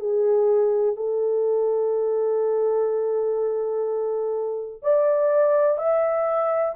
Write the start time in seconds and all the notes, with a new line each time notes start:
0.00 G#4
0.96 A4
4.83 D5
5.78 E5